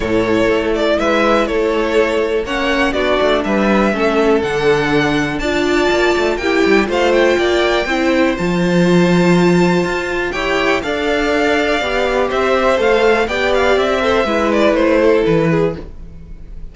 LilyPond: <<
  \new Staff \with { instrumentName = "violin" } { \time 4/4 \tempo 4 = 122 cis''4. d''8 e''4 cis''4~ | cis''4 fis''4 d''4 e''4~ | e''4 fis''2 a''4~ | a''4 g''4 f''8 g''4.~ |
g''4 a''2.~ | a''4 g''4 f''2~ | f''4 e''4 f''4 g''8 f''8 | e''4. d''8 c''4 b'4 | }
  \new Staff \with { instrumentName = "violin" } { \time 4/4 a'2 b'4 a'4~ | a'4 cis''4 fis'4 b'4 | a'2. d''4~ | d''4 g'4 c''4 d''4 |
c''1~ | c''4 cis''4 d''2~ | d''4 c''2 d''4~ | d''8 c''8 b'4. a'4 gis'8 | }
  \new Staff \with { instrumentName = "viola" } { \time 4/4 e'1~ | e'4 cis'4 d'2 | cis'4 d'2 f'4~ | f'4 e'4 f'2 |
e'4 f'2.~ | f'4 g'4 a'2 | g'2 a'4 g'4~ | g'8 a'8 e'2. | }
  \new Staff \with { instrumentName = "cello" } { \time 4/4 a,4 a4 gis4 a4~ | a4 ais4 b8 a8 g4 | a4 d2 d'4 | ais8 a8 ais8 g8 a4 ais4 |
c'4 f2. | f'4 e'4 d'2 | b4 c'4 a4 b4 | c'4 gis4 a4 e4 | }
>>